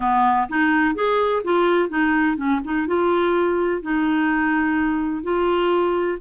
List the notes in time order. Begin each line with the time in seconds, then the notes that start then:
0.00 B3
0.48 D#4
0.95 G#4
1.44 F4
1.89 D#4
2.36 C#4
2.64 D#4
2.87 F4
3.81 D#4
5.23 F4